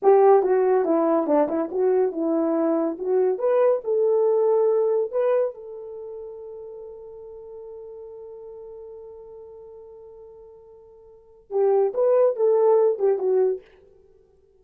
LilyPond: \new Staff \with { instrumentName = "horn" } { \time 4/4 \tempo 4 = 141 g'4 fis'4 e'4 d'8 e'8 | fis'4 e'2 fis'4 | b'4 a'2. | b'4 a'2.~ |
a'1~ | a'1~ | a'2. g'4 | b'4 a'4. g'8 fis'4 | }